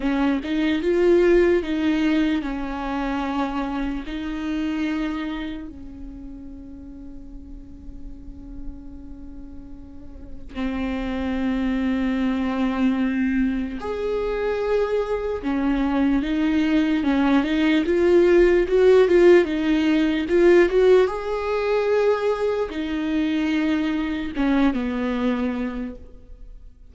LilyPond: \new Staff \with { instrumentName = "viola" } { \time 4/4 \tempo 4 = 74 cis'8 dis'8 f'4 dis'4 cis'4~ | cis'4 dis'2 cis'4~ | cis'1~ | cis'4 c'2.~ |
c'4 gis'2 cis'4 | dis'4 cis'8 dis'8 f'4 fis'8 f'8 | dis'4 f'8 fis'8 gis'2 | dis'2 cis'8 b4. | }